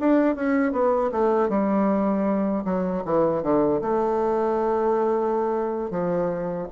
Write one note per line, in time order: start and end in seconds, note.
0.00 0.36 D4
0.36 0.72 C#4
0.72 1.11 B3
1.12 1.49 A3
1.49 2.64 G3
2.65 3.03 F#3
3.05 3.43 E3
3.43 3.81 D3
3.81 5.91 A3
5.91 6.67 F3